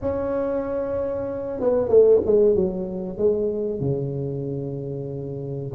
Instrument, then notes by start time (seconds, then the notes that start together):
tuba
0.01 C#4
1.60 B3
1.88 A3
2.25 G#3
2.55 F#3
3.17 G#3
3.80 C#3